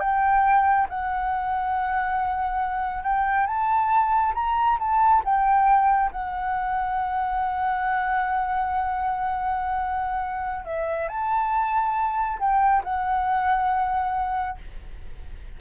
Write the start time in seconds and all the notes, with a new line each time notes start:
0.00 G5
0.89 F#5
3.03 G5
3.46 A5
4.34 A#5
4.79 A5
5.24 G5
6.11 F#5
10.65 E5
11.08 A5
12.39 G5
12.84 F#5